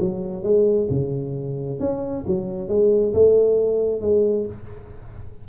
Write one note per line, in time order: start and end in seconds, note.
0.00 0.43 F#3
0.43 0.88 G#3
0.90 1.80 C#3
1.80 2.24 C#4
2.27 2.68 F#3
2.68 3.13 G#3
3.14 4.01 A3
4.01 4.46 G#3